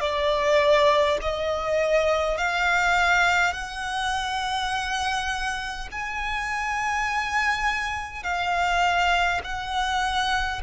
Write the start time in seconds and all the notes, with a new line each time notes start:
0.00 D5
1.21 D#5
2.37 F5
3.53 F#5
5.91 G#5
8.23 F5
9.44 F#5